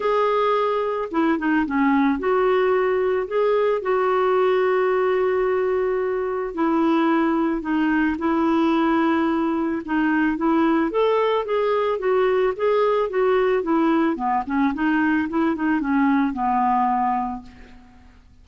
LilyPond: \new Staff \with { instrumentName = "clarinet" } { \time 4/4 \tempo 4 = 110 gis'2 e'8 dis'8 cis'4 | fis'2 gis'4 fis'4~ | fis'1 | e'2 dis'4 e'4~ |
e'2 dis'4 e'4 | a'4 gis'4 fis'4 gis'4 | fis'4 e'4 b8 cis'8 dis'4 | e'8 dis'8 cis'4 b2 | }